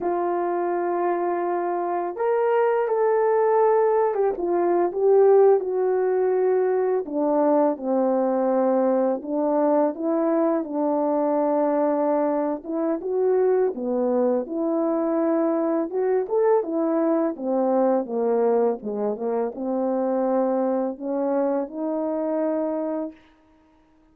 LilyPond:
\new Staff \with { instrumentName = "horn" } { \time 4/4 \tempo 4 = 83 f'2. ais'4 | a'4.~ a'16 g'16 f'8. g'4 fis'16~ | fis'4.~ fis'16 d'4 c'4~ c'16~ | c'8. d'4 e'4 d'4~ d'16~ |
d'4. e'8 fis'4 b4 | e'2 fis'8 a'8 e'4 | c'4 ais4 gis8 ais8 c'4~ | c'4 cis'4 dis'2 | }